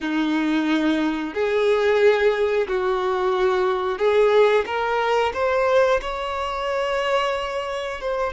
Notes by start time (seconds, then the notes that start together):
0.00 D#4
1.34 G#4
2.67 F#4
3.98 G#4
4.65 A#4
5.33 C5
6.01 C#5
8.00 C5